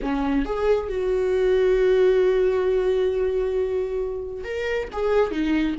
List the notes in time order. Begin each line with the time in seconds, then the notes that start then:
0.02 C#4
0.45 G#4
0.88 F#4
4.44 A#4
4.92 G#4
5.31 D#4